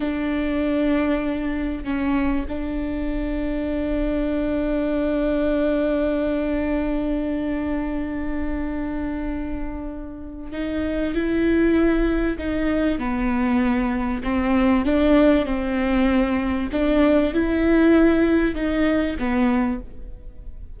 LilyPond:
\new Staff \with { instrumentName = "viola" } { \time 4/4 \tempo 4 = 97 d'2. cis'4 | d'1~ | d'1~ | d'1~ |
d'4 dis'4 e'2 | dis'4 b2 c'4 | d'4 c'2 d'4 | e'2 dis'4 b4 | }